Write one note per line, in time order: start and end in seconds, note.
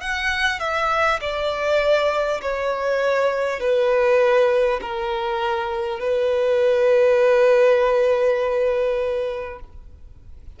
0.00 0.59 F#5
0.59 1.19 E5
1.21 2.41 D5
2.41 3.59 C#5
3.59 4.79 B4
4.81 5.99 A#4
5.99 9.59 B4